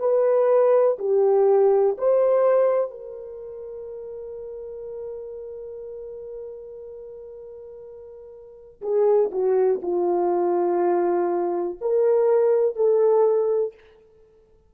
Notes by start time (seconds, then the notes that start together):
0.00 B4
0.99 G4
1.98 C5
2.91 A#4
8.82 G#4
9.32 F#4
9.82 F4
11.81 A#4
12.76 A4